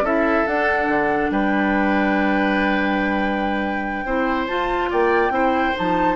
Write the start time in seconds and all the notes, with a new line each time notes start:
0.00 C#4 E4 A4 E5
0.46 D4 F#5
0.87 D3
1.30 G3 B4 G5
4.05 C4 E4 C5
4.46 F4 A5
4.89 A#3 D5 G5
5.29 C4 E4 C5
5.74 F3 D#4 A5